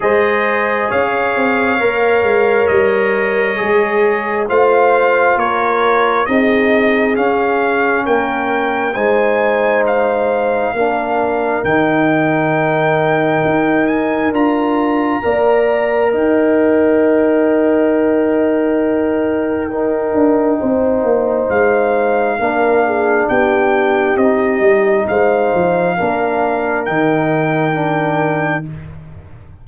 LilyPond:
<<
  \new Staff \with { instrumentName = "trumpet" } { \time 4/4 \tempo 4 = 67 dis''4 f''2 dis''4~ | dis''4 f''4 cis''4 dis''4 | f''4 g''4 gis''4 f''4~ | f''4 g''2~ g''8 gis''8 |
ais''2 g''2~ | g''1 | f''2 g''4 dis''4 | f''2 g''2 | }
  \new Staff \with { instrumentName = "horn" } { \time 4/4 c''4 cis''2.~ | cis''4 c''4 ais'4 gis'4~ | gis'4 ais'4 c''2 | ais'1~ |
ais'4 d''4 dis''2~ | dis''2 ais'4 c''4~ | c''4 ais'8 gis'8 g'2 | c''4 ais'2. | }
  \new Staff \with { instrumentName = "trombone" } { \time 4/4 gis'2 ais'2 | gis'4 f'2 dis'4 | cis'2 dis'2 | d'4 dis'2. |
f'4 ais'2.~ | ais'2 dis'2~ | dis'4 d'2 dis'4~ | dis'4 d'4 dis'4 d'4 | }
  \new Staff \with { instrumentName = "tuba" } { \time 4/4 gis4 cis'8 c'8 ais8 gis8 g4 | gis4 a4 ais4 c'4 | cis'4 ais4 gis2 | ais4 dis2 dis'4 |
d'4 ais4 dis'2~ | dis'2~ dis'8 d'8 c'8 ais8 | gis4 ais4 b4 c'8 g8 | gis8 f8 ais4 dis2 | }
>>